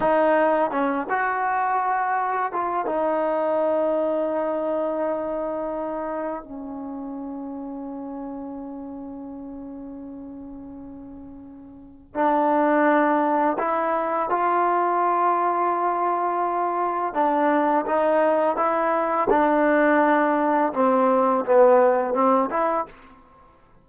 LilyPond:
\new Staff \with { instrumentName = "trombone" } { \time 4/4 \tempo 4 = 84 dis'4 cis'8 fis'2 f'8 | dis'1~ | dis'4 cis'2.~ | cis'1~ |
cis'4 d'2 e'4 | f'1 | d'4 dis'4 e'4 d'4~ | d'4 c'4 b4 c'8 e'8 | }